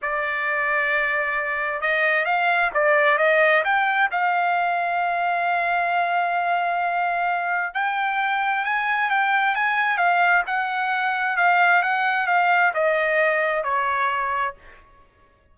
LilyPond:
\new Staff \with { instrumentName = "trumpet" } { \time 4/4 \tempo 4 = 132 d''1 | dis''4 f''4 d''4 dis''4 | g''4 f''2.~ | f''1~ |
f''4 g''2 gis''4 | g''4 gis''4 f''4 fis''4~ | fis''4 f''4 fis''4 f''4 | dis''2 cis''2 | }